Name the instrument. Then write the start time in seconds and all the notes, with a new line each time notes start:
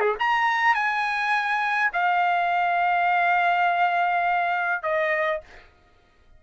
trumpet
0.00 G#4
0.19 A#5
0.74 G#5
1.92 F5
4.82 D#5